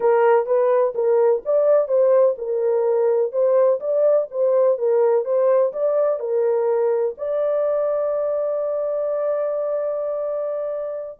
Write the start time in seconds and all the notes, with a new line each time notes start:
0.00 A#4
0.46 B4
0.94 A#4
1.45 D5
1.87 C5
2.38 A#4
3.32 C5
3.80 D5
4.30 C5
4.77 A#4
5.24 C5
5.73 D5
6.19 A#4
7.17 D5